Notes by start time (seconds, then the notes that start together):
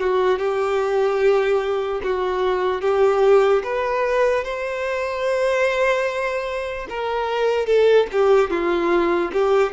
0.00 F#4
0.39 G4
2.04 F#4
2.82 G4
3.64 B4
4.44 C5
6.90 A#4
7.67 A4
8.12 G4
8.51 F4
9.33 G4